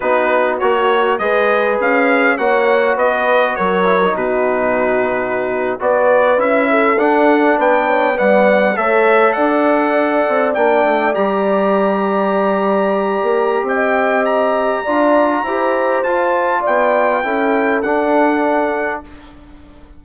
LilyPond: <<
  \new Staff \with { instrumentName = "trumpet" } { \time 4/4 \tempo 4 = 101 b'4 cis''4 dis''4 f''4 | fis''4 dis''4 cis''4 b'4~ | b'4.~ b'16 d''4 e''4 fis''16~ | fis''8. g''4 fis''4 e''4 fis''16~ |
fis''4.~ fis''16 g''4 ais''4~ ais''16~ | ais''2. g''4 | ais''2. a''4 | g''2 fis''2 | }
  \new Staff \with { instrumentName = "horn" } { \time 4/4 fis'2 b'2 | cis''4 b'4 ais'4 fis'4~ | fis'4.~ fis'16 b'4. a'8.~ | a'8. b'8 cis''8 d''4 cis''4 d''16~ |
d''1~ | d''2. dis''4~ | dis''4 d''4 c''2 | d''4 a'2. | }
  \new Staff \with { instrumentName = "trombone" } { \time 4/4 dis'4 fis'4 gis'2 | fis'2~ fis'8 e'16 dis'4~ dis'16~ | dis'4.~ dis'16 fis'4 e'4 d'16~ | d'4.~ d'16 b4 a'4~ a'16~ |
a'4.~ a'16 d'4 g'4~ g'16~ | g'1~ | g'4 f'4 g'4 f'4~ | f'4 e'4 d'2 | }
  \new Staff \with { instrumentName = "bassoon" } { \time 4/4 b4 ais4 gis4 cis'4 | ais4 b4 fis4 b,4~ | b,4.~ b,16 b4 cis'4 d'16~ | d'8. b4 g4 a4 d'16~ |
d'4~ d'16 c'8 ais8 a8 g4~ g16~ | g2~ g16 ais8. c'4~ | c'4 d'4 e'4 f'4 | b4 cis'4 d'2 | }
>>